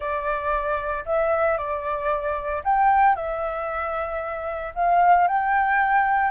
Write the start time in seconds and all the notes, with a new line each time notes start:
0.00 D5
1.05 E5
1.57 D5
2.64 G5
3.15 E5
4.74 F5
5.27 G5